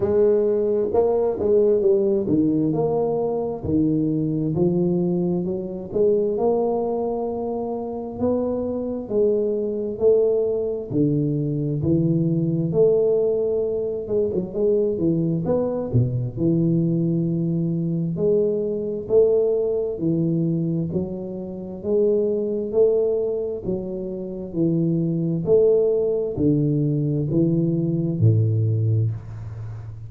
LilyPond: \new Staff \with { instrumentName = "tuba" } { \time 4/4 \tempo 4 = 66 gis4 ais8 gis8 g8 dis8 ais4 | dis4 f4 fis8 gis8 ais4~ | ais4 b4 gis4 a4 | d4 e4 a4. gis16 fis16 |
gis8 e8 b8 b,8 e2 | gis4 a4 e4 fis4 | gis4 a4 fis4 e4 | a4 d4 e4 a,4 | }